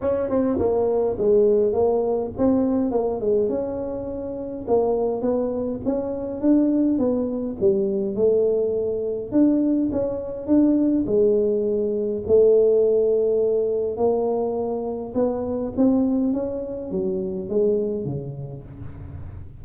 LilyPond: \new Staff \with { instrumentName = "tuba" } { \time 4/4 \tempo 4 = 103 cis'8 c'8 ais4 gis4 ais4 | c'4 ais8 gis8 cis'2 | ais4 b4 cis'4 d'4 | b4 g4 a2 |
d'4 cis'4 d'4 gis4~ | gis4 a2. | ais2 b4 c'4 | cis'4 fis4 gis4 cis4 | }